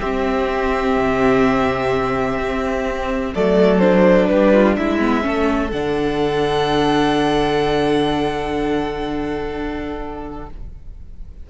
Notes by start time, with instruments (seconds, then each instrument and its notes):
0.00 viola C4, cello C4, violin G4 E5
0.97 cello C3
2.38 cello C4
3.35 cello F#3, viola A3, violin A4 D5
3.79 viola D4, violin C5
4.27 cello G3, violin G4 B4
4.54 violin F4
4.77 cello G#3, violin E4 E5
4.99 viola B3
5.22 cello A3, viola C#4, violin A4
5.71 cello D3, viola D4, violin F#5